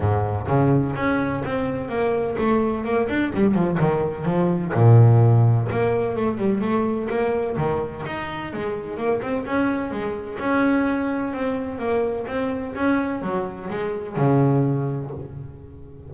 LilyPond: \new Staff \with { instrumentName = "double bass" } { \time 4/4 \tempo 4 = 127 gis,4 cis4 cis'4 c'4 | ais4 a4 ais8 d'8 g8 f8 | dis4 f4 ais,2 | ais4 a8 g8 a4 ais4 |
dis4 dis'4 gis4 ais8 c'8 | cis'4 gis4 cis'2 | c'4 ais4 c'4 cis'4 | fis4 gis4 cis2 | }